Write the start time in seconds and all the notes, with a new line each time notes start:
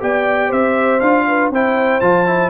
0.00 B3 G4 D5 G5
0.48 C4 C5 E5
1.00 D4 F4 F5
1.27 B4
1.51 C4 E4 C5 G5
2.01 F3 F4 A5
2.27 E4